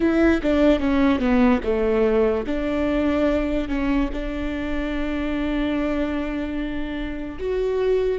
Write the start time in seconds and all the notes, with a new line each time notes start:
0.00 E4
0.42 D4
0.79 C#4
1.19 B3
1.63 A3
2.46 D4
3.68 C#4
4.12 D4
7.39 F#4